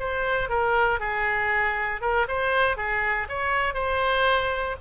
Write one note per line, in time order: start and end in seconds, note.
0.00 0.49 C5
0.49 1.00 A#4
1.00 2.02 G#4
2.02 2.27 A#4
2.28 2.77 C5
2.77 3.28 G#4
3.29 3.75 C#5
3.75 4.76 C5